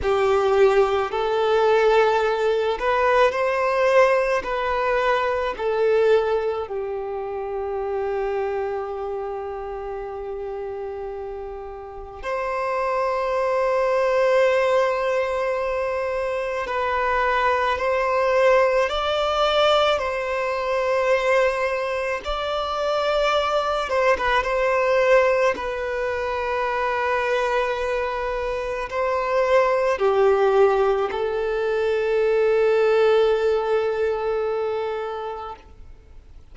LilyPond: \new Staff \with { instrumentName = "violin" } { \time 4/4 \tempo 4 = 54 g'4 a'4. b'8 c''4 | b'4 a'4 g'2~ | g'2. c''4~ | c''2. b'4 |
c''4 d''4 c''2 | d''4. c''16 b'16 c''4 b'4~ | b'2 c''4 g'4 | a'1 | }